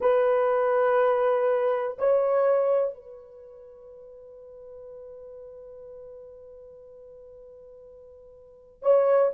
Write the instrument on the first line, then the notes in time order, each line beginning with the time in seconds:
horn
0.00 B4
1.98 C#5
2.94 B4
8.82 C#5